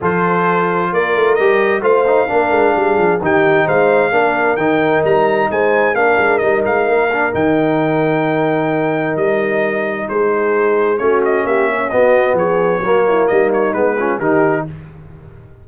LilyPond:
<<
  \new Staff \with { instrumentName = "trumpet" } { \time 4/4 \tempo 4 = 131 c''2 d''4 dis''4 | f''2. g''4 | f''2 g''4 ais''4 | gis''4 f''4 dis''8 f''4. |
g''1 | dis''2 c''2 | cis''8 dis''8 e''4 dis''4 cis''4~ | cis''4 dis''8 cis''8 b'4 ais'4 | }
  \new Staff \with { instrumentName = "horn" } { \time 4/4 a'2 ais'2 | c''4 ais'4 gis'4 g'4 | c''4 ais'2. | c''4 ais'2.~ |
ais'1~ | ais'2 gis'2 | fis'4 g'8 cis'8 fis'4 gis'4 | fis'8 e'8 dis'4. f'8 g'4 | }
  \new Staff \with { instrumentName = "trombone" } { \time 4/4 f'2. g'4 | f'8 dis'8 d'2 dis'4~ | dis'4 d'4 dis'2~ | dis'4 d'4 dis'4. d'8 |
dis'1~ | dis'1 | cis'2 b2 | ais2 b8 cis'8 dis'4 | }
  \new Staff \with { instrumentName = "tuba" } { \time 4/4 f2 ais8 a8 g4 | a4 ais8 gis8 g8 f8 dis4 | gis4 ais4 dis4 g4 | gis4 ais8 gis8 g8 gis8 ais4 |
dis1 | g2 gis2 | a4 ais4 b4 f4 | fis4 g4 gis4 dis4 | }
>>